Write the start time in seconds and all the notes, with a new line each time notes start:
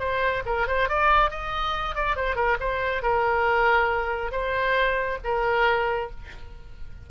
0.00 C5
0.46 A#4
0.67 C5
0.89 D5
1.30 D#5
1.96 D5
2.16 C5
2.36 A#4
2.60 C5
3.03 A#4
4.32 C5
5.24 A#4